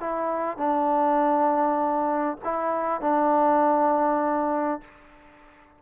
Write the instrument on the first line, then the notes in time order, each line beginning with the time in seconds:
trombone
0.00 E4
0.57 D4
2.44 E4
3.01 D4